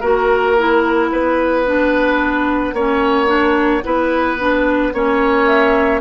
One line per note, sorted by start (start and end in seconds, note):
0.00 1.10 A#3
0.00 0.56 F#4
0.00 1.09 A#4
0.00 5.45 F#5
0.57 1.65 E4
1.11 2.73 B3
1.11 2.74 B4
1.65 2.75 D4
2.73 3.82 A#3
2.73 3.26 C#4
2.73 3.83 C#5
3.26 3.81 D4
3.83 4.93 B3
3.83 4.37 E4
3.83 4.93 B4
4.38 4.93 D4
4.93 6.01 A#3
4.93 6.01 C#4
4.93 6.01 C#5
5.45 6.00 E5